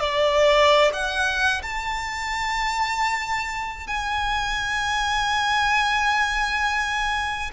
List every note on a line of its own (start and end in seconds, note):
0.00 0.91 D5
0.93 1.61 F#5
1.62 3.87 A5
3.87 7.50 G#5